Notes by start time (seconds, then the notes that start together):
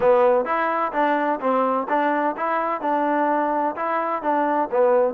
0.00 B3
0.45 E4
0.92 D4
1.40 C4
1.88 D4
2.36 E4
2.81 D4
3.76 E4
4.22 D4
4.71 B3